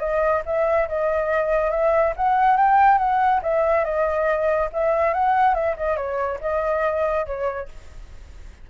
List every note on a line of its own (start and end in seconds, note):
0.00 0.43 D#5
0.46 0.88 E5
0.89 1.71 D#5
1.71 2.14 E5
2.17 2.57 F#5
2.57 2.98 G5
2.98 3.41 F#5
3.43 3.84 E5
3.84 4.69 D#5
4.73 5.14 E5
5.14 5.54 F#5
5.54 5.76 E5
5.77 5.97 D#5
5.97 6.39 C#5
6.41 7.26 D#5
7.26 7.68 C#5